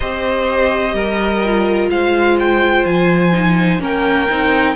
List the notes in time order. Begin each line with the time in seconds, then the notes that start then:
0.00 C4 G4 C5 D#5
0.93 G3 A#4
1.44 F4
1.89 G#3 C5 F5
2.39 G5
2.85 F3 G#5
3.33 D#4
3.79 A#3 C#4 A#4 G5
4.30 C4 D#4